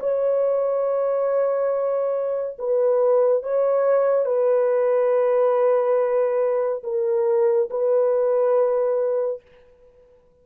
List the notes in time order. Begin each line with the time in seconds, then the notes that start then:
0.00 C#5
2.59 B4
3.43 C#5
4.26 B4
6.84 A#4
7.71 B4